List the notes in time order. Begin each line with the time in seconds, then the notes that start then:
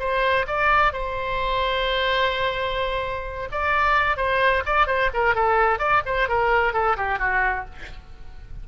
0.00 C5
0.48 D5
0.93 C5
3.52 D5
4.17 C5
4.66 D5
4.87 C5
5.14 A#4
5.35 A4
5.79 D5
6.06 C5
6.29 A#4
6.74 A4
6.97 G4
7.19 F#4